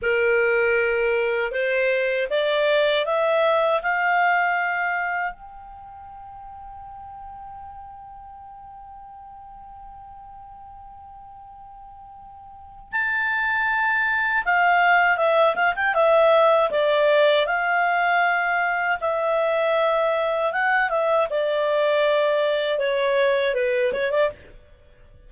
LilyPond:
\new Staff \with { instrumentName = "clarinet" } { \time 4/4 \tempo 4 = 79 ais'2 c''4 d''4 | e''4 f''2 g''4~ | g''1~ | g''1~ |
g''4 a''2 f''4 | e''8 f''16 g''16 e''4 d''4 f''4~ | f''4 e''2 fis''8 e''8 | d''2 cis''4 b'8 cis''16 d''16 | }